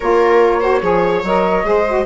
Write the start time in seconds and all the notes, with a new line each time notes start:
0.00 A#3 F4 A#4 C#5
0.60 F#4 C5
0.82 F3 G#4 C#5
1.23 F#3 A#4 D#5
1.63 G#3 G#4 C5
1.88 F#4